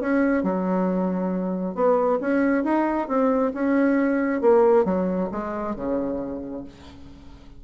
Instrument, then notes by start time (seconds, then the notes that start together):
bassoon
0.00 C#4
0.43 F#3
1.74 B3
2.21 C#4
2.64 D#4
3.08 C4
3.54 C#4
4.41 A#3
4.84 F#3
5.31 G#3
5.75 C#3